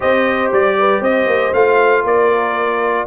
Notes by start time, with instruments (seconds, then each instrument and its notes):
0.00 tuba C4, trombone G4, horn C5, trumpet D#5
0.51 tuba G3, trumpet D5
0.78 horn B4
1.00 tuba C4, horn C5, trumpet D#5
1.26 tuba A#3
1.53 tuba A3, trombone F4, trumpet F5
2.03 tuba A#3, horn A#4, trumpet D5